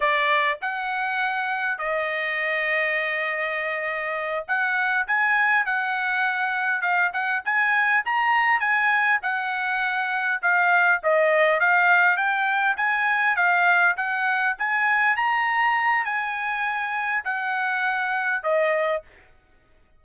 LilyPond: \new Staff \with { instrumentName = "trumpet" } { \time 4/4 \tempo 4 = 101 d''4 fis''2 dis''4~ | dis''2.~ dis''8 fis''8~ | fis''8 gis''4 fis''2 f''8 | fis''8 gis''4 ais''4 gis''4 fis''8~ |
fis''4. f''4 dis''4 f''8~ | f''8 g''4 gis''4 f''4 fis''8~ | fis''8 gis''4 ais''4. gis''4~ | gis''4 fis''2 dis''4 | }